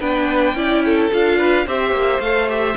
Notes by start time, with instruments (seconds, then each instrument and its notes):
0.00 cello B3, viola D4, violin B4 G5
0.54 cello C#4, viola E4, violin D5
0.85 violin A4
1.12 cello D4, viola F4, violin F5
1.38 violin B4
1.66 cello C4, viola G4, violin C5 E5
1.91 cello A#3
2.19 cello A3, viola A4, violin F5
2.49 viola G4, violin E5